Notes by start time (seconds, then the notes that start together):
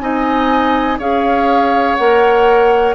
0.00 C4 D#4 D#5 G#5
0.98 C#4 G#4 C#5 F5
1.95 A#3 A#4 F#5